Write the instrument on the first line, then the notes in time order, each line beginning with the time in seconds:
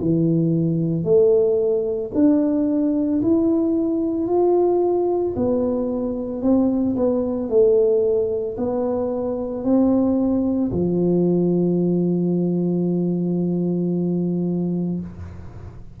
tuba
0.00 E3
1.04 A3
2.14 D4
3.22 E4
4.27 F4
5.35 B3
6.41 C4
6.95 B3
7.49 A3
8.57 B3
9.63 C4
10.71 F3